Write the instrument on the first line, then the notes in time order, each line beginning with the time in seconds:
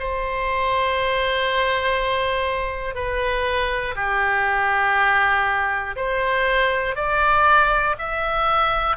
oboe
0.00 C5
2.95 B4
3.96 G4
5.97 C5
6.96 D5
7.99 E5